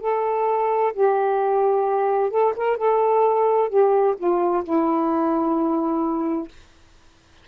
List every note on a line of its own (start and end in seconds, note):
0.00 0.92 A4
0.93 2.30 G4
2.30 2.53 A4
2.56 2.77 A#4
2.77 3.69 A4
3.69 4.15 G4
4.17 4.63 F4
4.64 6.48 E4